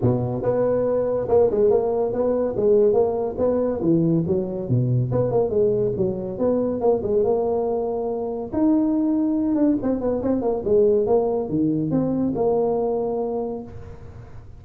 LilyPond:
\new Staff \with { instrumentName = "tuba" } { \time 4/4 \tempo 4 = 141 b,4 b2 ais8 gis8 | ais4 b4 gis4 ais4 | b4 e4 fis4 b,4 | b8 ais8 gis4 fis4 b4 |
ais8 gis8 ais2. | dis'2~ dis'8 d'8 c'8 b8 | c'8 ais8 gis4 ais4 dis4 | c'4 ais2. | }